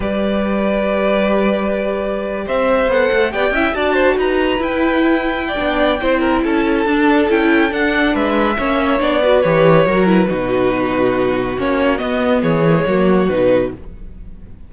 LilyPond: <<
  \new Staff \with { instrumentName = "violin" } { \time 4/4 \tempo 4 = 140 d''1~ | d''4.~ d''16 e''4 fis''4 g''16~ | g''8. a''4 ais''4 g''4~ g''16~ | g''2. a''4~ |
a''4 g''4 fis''4 e''4~ | e''4 d''4 cis''4. b'8~ | b'2. cis''4 | dis''4 cis''2 b'4 | }
  \new Staff \with { instrumentName = "violin" } { \time 4/4 b'1~ | b'4.~ b'16 c''2 d''16~ | d''16 e''8 d''8 c''8 b'2~ b'16~ | b'8. d''4~ d''16 c''8 ais'8 a'4~ |
a'2. b'4 | cis''4. b'4. ais'4 | fis'1~ | fis'4 gis'4 fis'2 | }
  \new Staff \with { instrumentName = "viola" } { \time 4/4 g'1~ | g'2~ g'8. a'4 g'16~ | g'16 e'8 fis'2 e'4~ e'16~ | e'4 d'4 e'2 |
d'4 e'4 d'2 | cis'4 d'8 fis'8 g'4 fis'8 e'8 | dis'2. cis'4 | b4. ais16 gis16 ais4 dis'4 | }
  \new Staff \with { instrumentName = "cello" } { \time 4/4 g1~ | g4.~ g16 c'4 b8 a8 b16~ | b16 cis'8 d'4 dis'4 e'4~ e'16~ | e'4 b4 c'4 cis'4 |
d'4 cis'4 d'4 gis4 | ais4 b4 e4 fis4 | b,2. ais4 | b4 e4 fis4 b,4 | }
>>